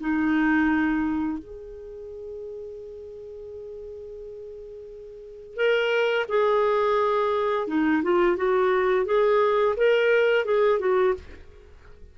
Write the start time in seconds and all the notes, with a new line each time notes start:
0.00 D#4
1.39 G#4
5.57 A#4
6.29 G#4
7.68 D#4
8.03 F4
8.37 F#4
9.06 G#4
9.77 A#4
10.45 G#4
10.80 F#4